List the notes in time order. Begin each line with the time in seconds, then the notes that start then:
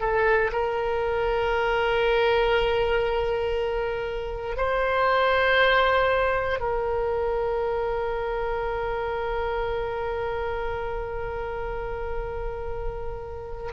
0.00 A4
0.52 A#4
4.56 C5
6.60 A#4